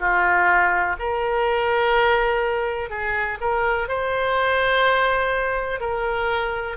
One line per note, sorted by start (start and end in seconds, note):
0.00 0.97 F4
0.99 2.90 A#4
2.90 3.39 G#4
3.41 3.89 A#4
3.89 5.81 C5
5.81 6.77 A#4